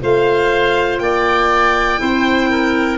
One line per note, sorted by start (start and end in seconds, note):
0.00 0.99 A3
0.00 1.99 F4
0.00 1.02 C5
0.00 0.99 F5
0.99 1.99 A#3
0.99 2.01 D5
0.99 2.98 G5
1.99 2.98 C4
1.99 2.98 E4
1.99 2.50 C5
2.50 2.98 A#4